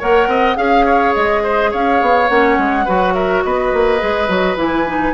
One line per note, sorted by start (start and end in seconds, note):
0.00 0.28 A#3
0.00 0.57 A#4
0.00 0.29 C#5
0.00 0.57 F#5
0.28 0.57 C4
0.28 0.58 D#5
0.57 1.14 C#4
0.57 2.28 G#4
0.57 1.14 F5
0.57 0.86 F5
0.86 1.43 C#5
1.15 1.74 G#3
1.15 1.72 D#5
1.43 1.71 C5
1.71 2.02 C#4
1.71 2.85 C#5
1.71 2.29 F5
2.02 2.30 B3
2.29 2.58 A#3
2.29 2.86 C#4
2.29 3.14 F#5
2.58 2.87 G#3
2.85 3.45 F#3
2.85 3.99 F#4
2.85 3.14 B4
3.14 3.44 A#4
3.14 3.43 E5
3.43 3.74 B3
3.43 5.14 B4
3.43 4.57 D#5
3.74 4.02 A#3
3.99 4.29 G#3
3.99 4.28 G#4
4.29 4.57 F#3
4.29 4.57 F#4
4.57 5.14 E3
4.57 4.85 E4
4.57 5.14 G#5
4.87 5.14 D#4